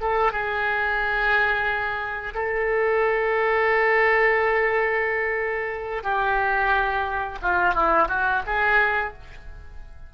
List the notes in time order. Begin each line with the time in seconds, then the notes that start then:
0.00 A4
0.32 G#4
2.34 A4
6.03 G4
7.42 F4
7.74 E4
8.08 F#4
8.46 G#4